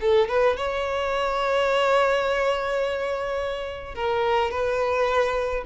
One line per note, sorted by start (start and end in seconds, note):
0.00 0.28 A4
0.28 0.56 B4
0.57 3.94 C#5
3.94 4.51 A#4
4.51 5.64 B4